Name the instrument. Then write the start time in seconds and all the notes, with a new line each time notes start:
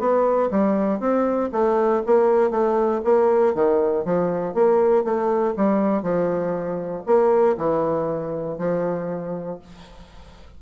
bassoon
0.00 B3
0.51 G3
1.00 C4
1.53 A3
2.07 A#3
2.51 A3
3.05 A#3
3.55 D#3
4.06 F3
4.55 A#3
5.05 A3
5.57 G3
6.03 F3
7.07 A#3
7.58 E3
8.59 F3